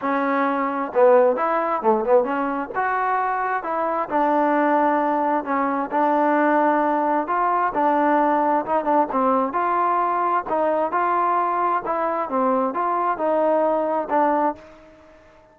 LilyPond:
\new Staff \with { instrumentName = "trombone" } { \time 4/4 \tempo 4 = 132 cis'2 b4 e'4 | a8 b8 cis'4 fis'2 | e'4 d'2. | cis'4 d'2. |
f'4 d'2 dis'8 d'8 | c'4 f'2 dis'4 | f'2 e'4 c'4 | f'4 dis'2 d'4 | }